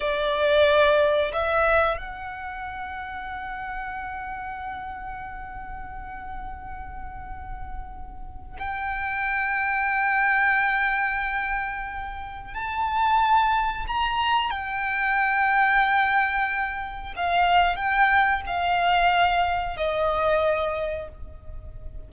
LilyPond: \new Staff \with { instrumentName = "violin" } { \time 4/4 \tempo 4 = 91 d''2 e''4 fis''4~ | fis''1~ | fis''1~ | fis''4 g''2.~ |
g''2. a''4~ | a''4 ais''4 g''2~ | g''2 f''4 g''4 | f''2 dis''2 | }